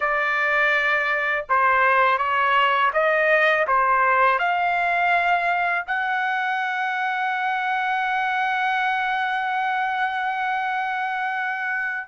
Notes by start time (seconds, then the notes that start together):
0.00 D5
1.49 C5
2.18 C#5
2.93 D#5
3.67 C5
4.38 F5
5.86 F#5